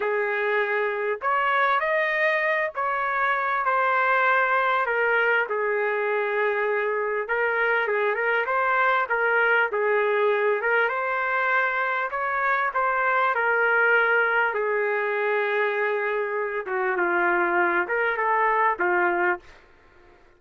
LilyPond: \new Staff \with { instrumentName = "trumpet" } { \time 4/4 \tempo 4 = 99 gis'2 cis''4 dis''4~ | dis''8 cis''4. c''2 | ais'4 gis'2. | ais'4 gis'8 ais'8 c''4 ais'4 |
gis'4. ais'8 c''2 | cis''4 c''4 ais'2 | gis'2.~ gis'8 fis'8 | f'4. ais'8 a'4 f'4 | }